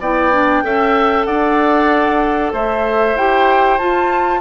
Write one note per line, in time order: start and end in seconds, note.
0.00 0.63 B3
0.00 0.32 E4
0.00 0.64 D5
0.00 1.25 G5
0.32 0.64 D4
0.63 1.26 C#4
0.63 3.16 A4
0.63 1.27 E5
1.25 2.53 D4
1.25 2.53 D5
1.25 2.51 F#5
2.53 3.16 A3
2.53 4.41 C5
2.53 3.17 E5
3.16 3.79 E4
3.16 3.79 G4
3.16 3.78 G5
3.78 4.41 F4
3.78 4.41 A5